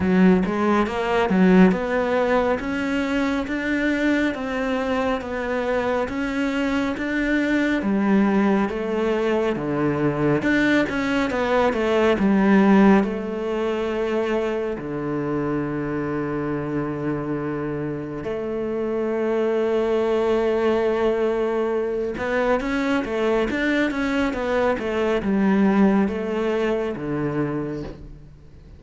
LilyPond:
\new Staff \with { instrumentName = "cello" } { \time 4/4 \tempo 4 = 69 fis8 gis8 ais8 fis8 b4 cis'4 | d'4 c'4 b4 cis'4 | d'4 g4 a4 d4 | d'8 cis'8 b8 a8 g4 a4~ |
a4 d2.~ | d4 a2.~ | a4. b8 cis'8 a8 d'8 cis'8 | b8 a8 g4 a4 d4 | }